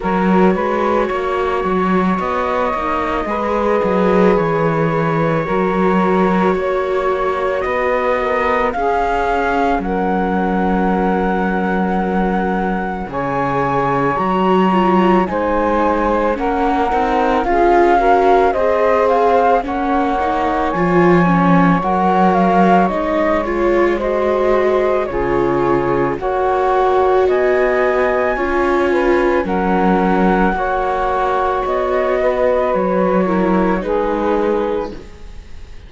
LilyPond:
<<
  \new Staff \with { instrumentName = "flute" } { \time 4/4 \tempo 4 = 55 cis''2 dis''2 | cis''2. dis''4 | f''4 fis''2. | gis''4 ais''4 gis''4 fis''4 |
f''4 dis''8 f''8 fis''4 gis''4 | fis''8 f''8 dis''8 cis''8 dis''4 cis''4 | fis''4 gis''2 fis''4~ | fis''4 dis''4 cis''4 b'4 | }
  \new Staff \with { instrumentName = "saxophone" } { \time 4/4 ais'8 b'8 cis''2 b'4~ | b'4 ais'4 cis''4 b'8 ais'8 | gis'4 ais'2. | cis''2 c''4 ais'4 |
gis'8 ais'8 c''4 cis''2~ | cis''2 c''4 gis'4 | cis''4 dis''4 cis''8 b'8 ais'4 | cis''4. b'4 ais'8 gis'4 | }
  \new Staff \with { instrumentName = "viola" } { \time 4/4 fis'2~ fis'8 dis'8 gis'4~ | gis'4 fis'2. | cis'1 | gis'4 fis'8 f'8 dis'4 cis'8 dis'8 |
f'8 fis'8 gis'4 cis'8 dis'8 f'8 cis'8 | ais'4 dis'8 f'8 fis'4 f'4 | fis'2 f'4 cis'4 | fis'2~ fis'8 e'8 dis'4 | }
  \new Staff \with { instrumentName = "cello" } { \time 4/4 fis8 gis8 ais8 fis8 b8 ais8 gis8 fis8 | e4 fis4 ais4 b4 | cis'4 fis2. | cis4 fis4 gis4 ais8 c'8 |
cis'4 c'4 ais4 f4 | fis4 gis2 cis4 | ais4 b4 cis'4 fis4 | ais4 b4 fis4 gis4 | }
>>